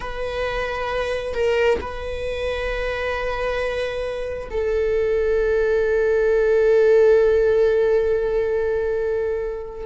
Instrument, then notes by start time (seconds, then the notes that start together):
viola
0.00 B4
1.34 A#4
1.80 B4
4.50 A4